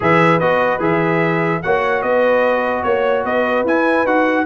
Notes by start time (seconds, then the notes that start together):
0.00 E3 G#4 B4 E5
0.39 B3 F#4 D#5
0.79 E3 G#4 E5
1.62 A#3 F#4 C#5 F#5
2.02 B3 B4 D#5
2.83 A#3 C#5
3.24 B3 B4 D#5
3.64 E4 G#5
4.05 D#4 F#4 F#5